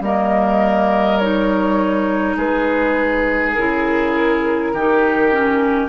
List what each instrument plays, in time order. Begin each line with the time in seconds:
0.00 bassoon G3, clarinet A#3, oboe A#4, flute D#5
1.19 clarinet D#4, flute C#5
2.37 bassoon G#3, oboe G#4, flute B4
3.54 bassoon C#3, clarinet E4, flute A#4
4.74 bassoon D#3, clarinet D#4, oboe G4
5.32 clarinet C#4